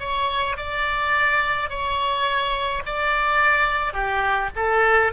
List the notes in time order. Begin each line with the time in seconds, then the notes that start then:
0.00 C#5
0.57 D5
1.70 C#5
2.86 D5
3.93 G4
4.56 A4